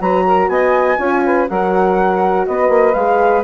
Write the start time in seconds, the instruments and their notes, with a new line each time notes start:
0.00 bassoon F#3, horn F#4, saxophone B4, flute A#5
0.26 saxophone A#4
0.48 bassoon B3, saxophone D#5, flute G#5
0.98 bassoon C#4, horn F4, saxophone C#5
1.25 saxophone B4
1.47 bassoon F#3, horn F#4, saxophone A#4, flute F#5
2.47 bassoon B3, saxophone B4, flute D#5
2.68 bassoon A#3
2.93 bassoon G#3, horn G#4, flute F5